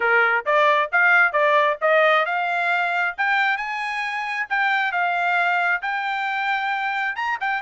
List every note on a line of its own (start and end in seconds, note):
0.00 0.45 A#4
0.45 0.90 D5
0.92 1.32 F5
1.32 1.77 D5
1.81 2.25 D#5
2.25 3.15 F5
3.17 3.57 G5
3.57 4.46 G#5
4.49 4.92 G5
4.92 5.81 F5
5.81 7.15 G5
7.15 7.38 A#5
7.40 7.62 G5